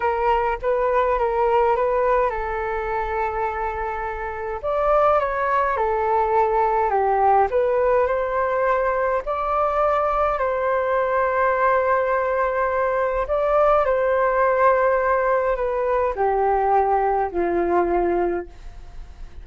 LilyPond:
\new Staff \with { instrumentName = "flute" } { \time 4/4 \tempo 4 = 104 ais'4 b'4 ais'4 b'4 | a'1 | d''4 cis''4 a'2 | g'4 b'4 c''2 |
d''2 c''2~ | c''2. d''4 | c''2. b'4 | g'2 f'2 | }